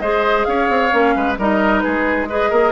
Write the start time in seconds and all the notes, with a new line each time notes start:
0.00 G#3 G#4 C5 D#5
0.45 C#4 C#5 F5
0.70 C4
0.91 A#3 C#4
1.16 G#3 B4
1.38 G3 D#4 A#4 D#5
1.80 G#4 B4
1.87 G#3
2.29 G#4 B4 D#5
2.50 A#3 A#4